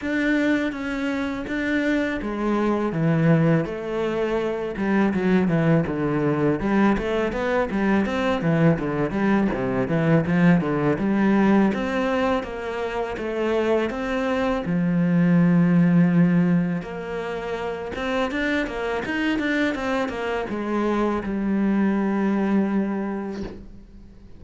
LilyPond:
\new Staff \with { instrumentName = "cello" } { \time 4/4 \tempo 4 = 82 d'4 cis'4 d'4 gis4 | e4 a4. g8 fis8 e8 | d4 g8 a8 b8 g8 c'8 e8 | d8 g8 c8 e8 f8 d8 g4 |
c'4 ais4 a4 c'4 | f2. ais4~ | ais8 c'8 d'8 ais8 dis'8 d'8 c'8 ais8 | gis4 g2. | }